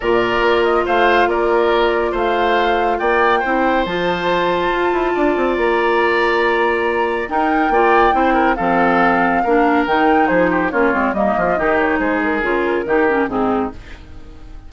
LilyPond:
<<
  \new Staff \with { instrumentName = "flute" } { \time 4/4 \tempo 4 = 140 d''4. dis''8 f''4 d''4~ | d''4 f''2 g''4~ | g''4 a''2.~ | a''4 ais''2.~ |
ais''4 g''2. | f''2. g''4 | c''4 cis''4 dis''4. cis''8 | c''8 ais'2~ ais'8 gis'4 | }
  \new Staff \with { instrumentName = "oboe" } { \time 4/4 ais'2 c''4 ais'4~ | ais'4 c''2 d''4 | c''1 | d''1~ |
d''4 ais'4 d''4 c''8 ais'8 | a'2 ais'2 | gis'8 g'8 f'4 dis'8 f'8 g'4 | gis'2 g'4 dis'4 | }
  \new Staff \with { instrumentName = "clarinet" } { \time 4/4 f'1~ | f'1 | e'4 f'2.~ | f'1~ |
f'4 dis'4 f'4 e'4 | c'2 d'4 dis'4~ | dis'4 cis'8 c'8 ais4 dis'4~ | dis'4 f'4 dis'8 cis'8 c'4 | }
  \new Staff \with { instrumentName = "bassoon" } { \time 4/4 ais,4 ais4 a4 ais4~ | ais4 a2 ais4 | c'4 f2 f'8 e'8 | d'8 c'8 ais2.~ |
ais4 dis'4 ais4 c'4 | f2 ais4 dis4 | f4 ais8 gis8 g8 f8 dis4 | gis4 cis4 dis4 gis,4 | }
>>